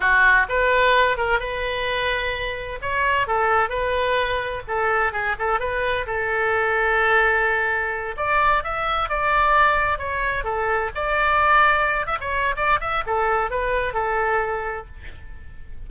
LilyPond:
\new Staff \with { instrumentName = "oboe" } { \time 4/4 \tempo 4 = 129 fis'4 b'4. ais'8 b'4~ | b'2 cis''4 a'4 | b'2 a'4 gis'8 a'8 | b'4 a'2.~ |
a'4. d''4 e''4 d''8~ | d''4. cis''4 a'4 d''8~ | d''2 e''16 cis''8. d''8 e''8 | a'4 b'4 a'2 | }